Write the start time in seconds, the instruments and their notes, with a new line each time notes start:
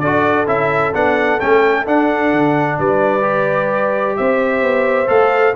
0.00 tuba D4, trombone F#4, horn A4, trumpet D5
0.47 tuba C#4, trombone E4, trumpet E5
0.94 tuba B3, trombone D4, trumpet F#5
1.40 tuba A3, trombone C#4, trumpet G5
1.86 trombone D4, tuba D4, trumpet F#5
2.33 tuba D3
2.79 tuba G3, horn B4, trumpet D5
3.22 trombone G4
4.17 tuba C4, horn C5, trumpet E5
4.62 tuba B3
5.07 tuba A3, trombone A4, trumpet F5